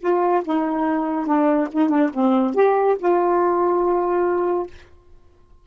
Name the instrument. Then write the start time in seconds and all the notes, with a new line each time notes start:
saxophone
0.00 F4
0.45 D#4
1.26 D4
1.72 D#4
1.89 D4
2.14 C4
2.55 G4
2.99 F4